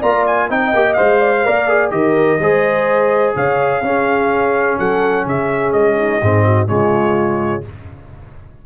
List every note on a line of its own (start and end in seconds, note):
0.00 0.50 A#3
0.00 0.49 F4
0.00 0.48 D5
0.00 0.26 A#5
0.26 0.50 G#5
0.49 0.73 C4
0.49 0.73 D#4
0.49 1.21 D#5
0.49 0.94 G5
0.73 0.97 A#3
0.73 0.97 G4
0.94 1.47 G#3
0.94 1.45 C5
0.94 1.89 F5
1.21 1.33 D5
1.38 1.46 C5
1.45 1.91 A#3
1.45 1.68 A#4
1.45 1.94 D5
1.68 1.90 G#4
1.90 2.39 D#3
1.90 2.38 G4
1.90 2.42 A#4
1.90 3.34 D#5
2.39 3.34 G#3
2.39 3.83 G#4
2.39 3.36 C5
3.35 3.82 C#3
3.35 3.83 C#5
3.35 4.79 F5
3.82 4.77 C#4
3.82 6.21 C#4
3.82 4.79 G#4
4.79 5.26 F#3
4.79 5.25 A4
4.79 5.26 F#5
5.25 5.73 C#3
5.25 5.97 G#4
5.25 5.73 E5
5.73 6.21 G#3
5.73 6.68 D#5
5.98 6.20 D#4
6.20 6.69 G#2
6.20 6.67 C4
6.20 6.44 G#4
6.45 6.69 F#4
6.67 7.65 C#3
6.67 7.62 G#3
6.67 7.64 F4
6.67 7.63 C#5